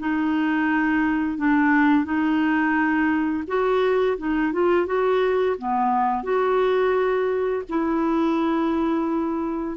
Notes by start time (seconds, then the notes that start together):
0.00 D#4
1.38 D4
2.05 D#4
3.48 F#4
4.18 D#4
4.53 F4
4.87 F#4
5.59 B3
6.24 F#4
7.69 E4